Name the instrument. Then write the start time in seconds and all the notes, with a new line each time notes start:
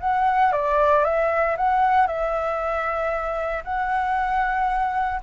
flute
0.00 F#5
0.52 D5
1.04 E5
1.57 F#5
2.07 E5
3.64 F#5